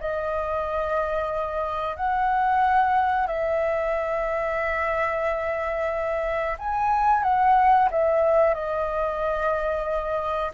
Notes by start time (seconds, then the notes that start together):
0.00 D#5
1.96 F#5
3.27 E5
6.58 G#5
7.23 F#5
7.91 E5
8.54 D#5